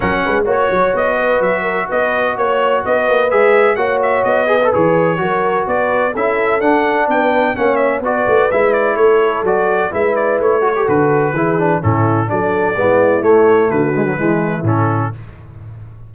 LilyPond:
<<
  \new Staff \with { instrumentName = "trumpet" } { \time 4/4 \tempo 4 = 127 fis''4 cis''4 dis''4 e''4 | dis''4 cis''4 dis''4 e''4 | fis''8 e''8 dis''4 cis''2 | d''4 e''4 fis''4 g''4 |
fis''8 e''8 d''4 e''8 d''8 cis''4 | d''4 e''8 d''8 cis''4 b'4~ | b'4 a'4 d''2 | cis''4 b'2 a'4 | }
  \new Staff \with { instrumentName = "horn" } { \time 4/4 ais'8 b'8 cis''4. b'4 ais'8 | b'4 cis''4 b'2 | cis''4. b'4. ais'4 | b'4 a'2 b'4 |
cis''4 b'2 a'4~ | a'4 b'4. a'4. | gis'4 e'4 a'4 e'4~ | e'4 fis'4 e'2 | }
  \new Staff \with { instrumentName = "trombone" } { \time 4/4 cis'4 fis'2.~ | fis'2. gis'4 | fis'4. gis'16 a'16 gis'4 fis'4~ | fis'4 e'4 d'2 |
cis'4 fis'4 e'2 | fis'4 e'4. fis'16 g'16 fis'4 | e'8 d'8 cis'4 d'4 b4 | a4. gis16 fis16 gis4 cis'4 | }
  \new Staff \with { instrumentName = "tuba" } { \time 4/4 fis8 gis8 ais8 fis8 b4 fis4 | b4 ais4 b8 ais8 gis4 | ais4 b4 e4 fis4 | b4 cis'4 d'4 b4 |
ais4 b8 a8 gis4 a4 | fis4 gis4 a4 d4 | e4 a,4 fis4 gis4 | a4 d4 e4 a,4 | }
>>